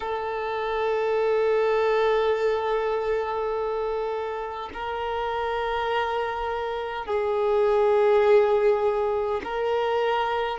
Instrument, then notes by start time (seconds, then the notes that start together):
violin
0.00 A4
4.73 A#4
7.06 G#4
9.44 A#4